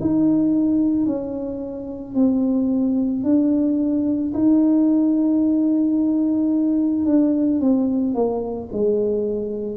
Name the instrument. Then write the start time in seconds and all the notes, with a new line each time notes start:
tuba
0.00 D#4
1.06 C#4
2.14 C4
3.23 D4
4.33 D#4
7.06 D4
7.60 C4
8.14 A#3
8.72 G#3